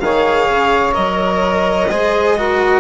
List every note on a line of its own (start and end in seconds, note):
0.00 0.48 D#3
0.00 0.92 G#4
0.00 1.91 C#5
0.00 0.94 F5
0.49 0.96 C#3
0.92 1.89 F#3
0.92 1.86 A#4
0.92 2.80 D#5
1.89 2.80 G#3
1.89 2.37 G#4
1.89 2.36 C5
2.36 2.80 F#4
2.36 2.80 A#4